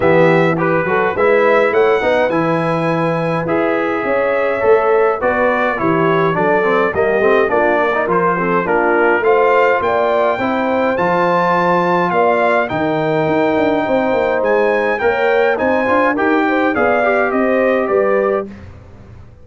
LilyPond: <<
  \new Staff \with { instrumentName = "trumpet" } { \time 4/4 \tempo 4 = 104 e''4 b'4 e''4 fis''4 | gis''2 e''2~ | e''4 d''4 cis''4 d''4 | dis''4 d''4 c''4 ais'4 |
f''4 g''2 a''4~ | a''4 f''4 g''2~ | g''4 gis''4 g''4 gis''4 | g''4 f''4 dis''4 d''4 | }
  \new Staff \with { instrumentName = "horn" } { \time 4/4 g'4 b'8 a'8 b'4 cis''8 b'8~ | b'2. cis''4~ | cis''4 b'4 g'4 a'4 | g'4 f'8 ais'4 a'8 f'4 |
c''4 d''4 c''2~ | c''4 d''4 ais'2 | c''2 cis''4 c''4 | ais'8 c''8 d''4 c''4 b'4 | }
  \new Staff \with { instrumentName = "trombone" } { \time 4/4 b4 g'8 fis'8 e'4. dis'8 | e'2 gis'2 | a'4 fis'4 e'4 d'8 c'8 | ais8 c'8 d'8. dis'16 f'8 c'8 d'4 |
f'2 e'4 f'4~ | f'2 dis'2~ | dis'2 ais'4 dis'8 f'8 | g'4 gis'8 g'2~ g'8 | }
  \new Staff \with { instrumentName = "tuba" } { \time 4/4 e4. fis8 gis4 a8 b8 | e2 e'4 cis'4 | a4 b4 e4 fis4 | g8 a8 ais4 f4 ais4 |
a4 ais4 c'4 f4~ | f4 ais4 dis4 dis'8 d'8 | c'8 ais8 gis4 ais4 c'8 d'8 | dis'4 b4 c'4 g4 | }
>>